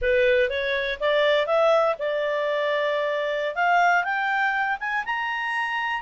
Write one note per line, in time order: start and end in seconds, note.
0.01 0.49 B4
0.49 0.99 C#5
1.00 1.46 D5
1.46 1.95 E5
1.98 3.55 D5
3.55 4.04 F5
4.04 4.77 G5
4.80 5.04 G#5
5.05 6.01 A#5